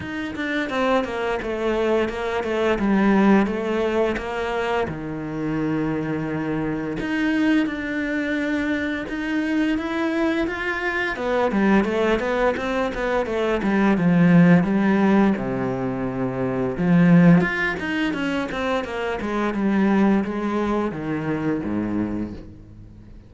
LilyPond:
\new Staff \with { instrumentName = "cello" } { \time 4/4 \tempo 4 = 86 dis'8 d'8 c'8 ais8 a4 ais8 a8 | g4 a4 ais4 dis4~ | dis2 dis'4 d'4~ | d'4 dis'4 e'4 f'4 |
b8 g8 a8 b8 c'8 b8 a8 g8 | f4 g4 c2 | f4 f'8 dis'8 cis'8 c'8 ais8 gis8 | g4 gis4 dis4 gis,4 | }